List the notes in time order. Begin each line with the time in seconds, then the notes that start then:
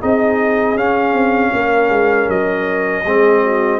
0.00 C4 D#4 G#4 D#5
0.75 C#4 F5
1.13 C4
1.53 A#3 A#4
1.90 G#3
2.28 F#3 D#5
3.05 G#3 C4 G#4
3.44 F#4